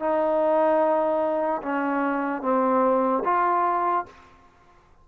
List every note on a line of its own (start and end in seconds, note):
0.00 1.62 D#4
1.63 2.43 C#4
2.43 3.24 C4
3.25 4.06 F4